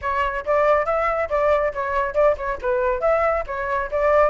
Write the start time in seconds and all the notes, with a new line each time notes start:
0.01 C#5
0.45 D5
0.85 E5
1.29 D5
1.73 C#5
2.14 D5
2.37 C#5
2.61 B4
3.00 E5
3.46 C#5
3.91 D5